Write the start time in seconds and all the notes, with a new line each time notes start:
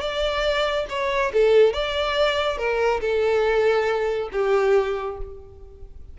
0.00 D5
0.89 C#5
1.33 A4
1.73 D5
2.57 A#4
3.00 A4
4.31 G4